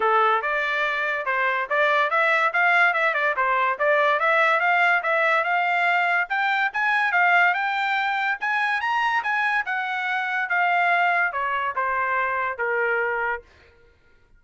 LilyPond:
\new Staff \with { instrumentName = "trumpet" } { \time 4/4 \tempo 4 = 143 a'4 d''2 c''4 | d''4 e''4 f''4 e''8 d''8 | c''4 d''4 e''4 f''4 | e''4 f''2 g''4 |
gis''4 f''4 g''2 | gis''4 ais''4 gis''4 fis''4~ | fis''4 f''2 cis''4 | c''2 ais'2 | }